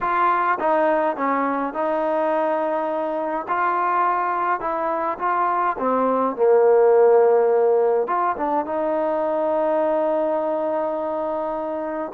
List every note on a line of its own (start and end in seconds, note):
0.01 0.58 F4
0.59 1.16 D#4
1.16 1.73 C#4
1.73 3.46 D#4
3.47 4.60 F4
4.60 5.18 E4
5.18 5.76 F4
5.78 6.35 C4
6.35 8.07 A#3
8.07 8.35 F4
8.37 8.65 D4
8.65 12.12 D#4